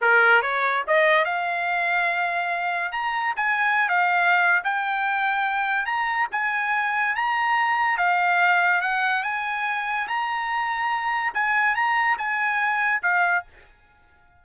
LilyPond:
\new Staff \with { instrumentName = "trumpet" } { \time 4/4 \tempo 4 = 143 ais'4 cis''4 dis''4 f''4~ | f''2. ais''4 | gis''4~ gis''16 f''4.~ f''16 g''4~ | g''2 ais''4 gis''4~ |
gis''4 ais''2 f''4~ | f''4 fis''4 gis''2 | ais''2. gis''4 | ais''4 gis''2 f''4 | }